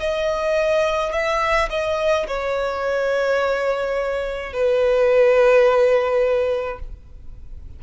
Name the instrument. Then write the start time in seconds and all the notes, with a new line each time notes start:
violin
0.00 D#5
1.13 E5
1.70 D#5
2.27 C#5
4.53 B4